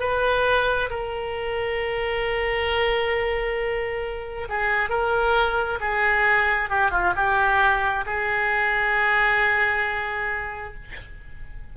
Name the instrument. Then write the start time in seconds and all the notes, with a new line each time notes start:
oboe
0.00 B4
0.90 A#4
4.49 G#4
4.89 A#4
5.80 G#4
6.70 G4
6.91 F4
7.16 G4
8.06 G#4